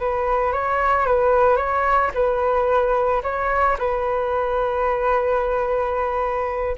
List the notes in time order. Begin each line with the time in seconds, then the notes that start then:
0.00 B4
0.53 C#5
1.07 B4
1.57 C#5
2.15 B4
3.24 C#5
3.79 B4